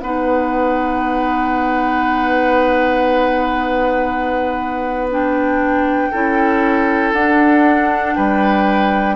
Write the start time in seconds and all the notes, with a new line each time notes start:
0.00 B3 D#4 B4 F#5
5.11 D4 G5
6.11 C#4 E4 A4
7.13 D4 F#5
8.15 G3 B4 G5